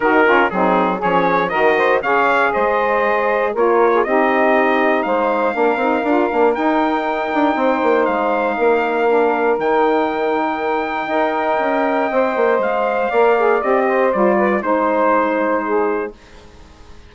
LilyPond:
<<
  \new Staff \with { instrumentName = "trumpet" } { \time 4/4 \tempo 4 = 119 ais'4 gis'4 cis''4 dis''4 | f''4 dis''2 cis''4 | dis''2 f''2~ | f''4 g''2. |
f''2. g''4~ | g''1~ | g''4 f''2 dis''4 | d''4 c''2. | }
  \new Staff \with { instrumentName = "saxophone" } { \time 4/4 fis'8 f'8 dis'4 gis'4 ais'8 c''8 | cis''4 c''2 ais'8. gis'16 | g'2 c''4 ais'4~ | ais'2. c''4~ |
c''4 ais'2.~ | ais'2 dis''2~ | dis''2 d''4. c''8~ | c''8 b'8 c''2 gis'4 | }
  \new Staff \with { instrumentName = "saxophone" } { \time 4/4 dis'8 cis'8 c'4 cis'4 fis'4 | gis'2. f'4 | dis'2. d'8 dis'8 | f'8 d'8 dis'2.~ |
dis'2 d'4 dis'4~ | dis'2 ais'2 | c''2 ais'8 gis'8 g'4 | f'4 dis'2. | }
  \new Staff \with { instrumentName = "bassoon" } { \time 4/4 dis4 fis4 f4 dis4 | cis4 gis2 ais4 | c'2 gis4 ais8 c'8 | d'8 ais8 dis'4. d'8 c'8 ais8 |
gis4 ais2 dis4~ | dis2 dis'4 cis'4 | c'8 ais8 gis4 ais4 c'4 | g4 gis2. | }
>>